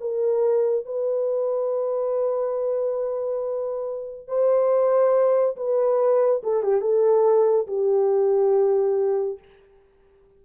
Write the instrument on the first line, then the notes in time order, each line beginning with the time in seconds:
horn
0.00 A#4
0.85 B4
4.27 C5
5.56 B4
6.43 A4
6.62 G4
6.81 A4
7.67 G4